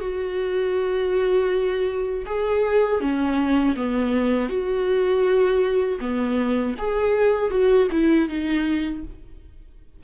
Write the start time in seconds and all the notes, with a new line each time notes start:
0.00 F#4
2.25 G#4
3.00 C#4
3.76 B3
4.49 F#4
6.00 B3
6.78 G#4
7.50 F#4
7.91 E4
8.28 D#4